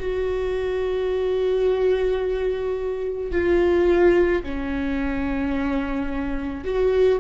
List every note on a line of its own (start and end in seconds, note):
0.00 3.32 F#4
3.32 4.43 F4
4.43 6.65 C#4
6.65 7.20 F#4